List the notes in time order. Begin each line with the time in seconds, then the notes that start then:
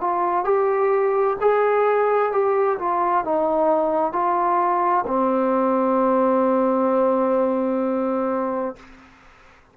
0.00 F4
0.44 G4
1.41 G#4
2.32 G4
2.79 F4
3.24 D#4
4.12 F4
5.07 C4